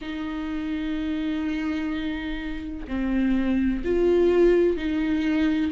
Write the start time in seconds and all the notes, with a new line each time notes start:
0.01 D#4
2.87 C4
3.84 F4
4.77 D#4